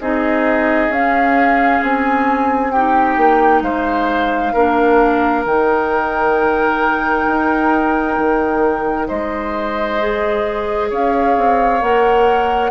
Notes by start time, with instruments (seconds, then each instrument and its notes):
0.00 bassoon C4, clarinet D#4, oboe G#4, flute D#5
0.89 bassoon C#4, clarinet C#4, flute F5
1.82 bassoon C4, flute G#5
2.71 clarinet D#4, oboe G4, flute G5
3.17 bassoon A#3
3.62 bassoon G#3, oboe C5, flute F5
4.53 bassoon A#3, clarinet D4, oboe A#4
5.45 bassoon D#3, clarinet D#4, flute G5
7.27 bassoon D#4
8.18 bassoon D#3
9.08 bassoon G#3, oboe C5, flute D#5
10.00 clarinet G#4
10.89 bassoon C#4, oboe C#5, flute F5
11.37 bassoon C4
11.81 bassoon A#3, clarinet A#4, flute F#5